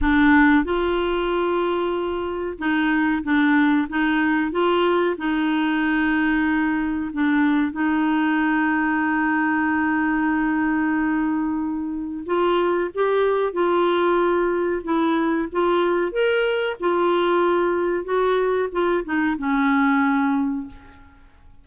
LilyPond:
\new Staff \with { instrumentName = "clarinet" } { \time 4/4 \tempo 4 = 93 d'4 f'2. | dis'4 d'4 dis'4 f'4 | dis'2. d'4 | dis'1~ |
dis'2. f'4 | g'4 f'2 e'4 | f'4 ais'4 f'2 | fis'4 f'8 dis'8 cis'2 | }